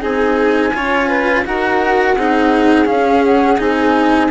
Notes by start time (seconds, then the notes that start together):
0.00 C4 D#4 G#4 G#5
0.73 C#4 F4 C#5
1.08 B4
1.45 D#4 F#4 A#4 F#5
2.16 C4 D#4 G#4
2.85 C#4 F5
3.23 F#5
3.58 C4 D#4 G#5